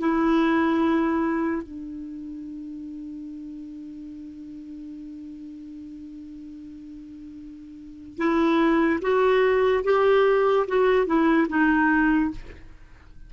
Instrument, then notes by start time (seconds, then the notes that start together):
clarinet
0.00 E4
1.63 D4
8.18 E4
9.02 F#4
9.84 G4
10.68 F#4
11.07 E4
11.49 D#4